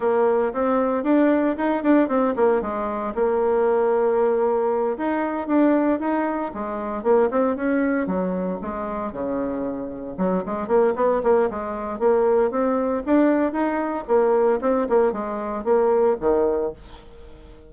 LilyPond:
\new Staff \with { instrumentName = "bassoon" } { \time 4/4 \tempo 4 = 115 ais4 c'4 d'4 dis'8 d'8 | c'8 ais8 gis4 ais2~ | ais4. dis'4 d'4 dis'8~ | dis'8 gis4 ais8 c'8 cis'4 fis8~ |
fis8 gis4 cis2 fis8 | gis8 ais8 b8 ais8 gis4 ais4 | c'4 d'4 dis'4 ais4 | c'8 ais8 gis4 ais4 dis4 | }